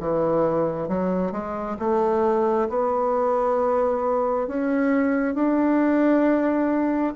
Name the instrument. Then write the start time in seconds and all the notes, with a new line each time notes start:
bassoon
0.00 E3
0.88 F#3
1.32 G#3
1.79 A3
2.69 B3
4.47 C#4
5.35 D4